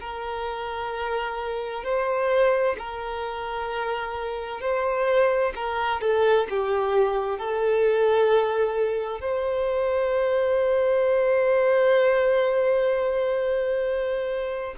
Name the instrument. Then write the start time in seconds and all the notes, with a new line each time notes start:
violin
0.00 A#4
1.83 C5
2.78 A#4
4.60 C5
5.55 A#4
6.00 A4
6.50 G4
7.38 A4
9.20 C5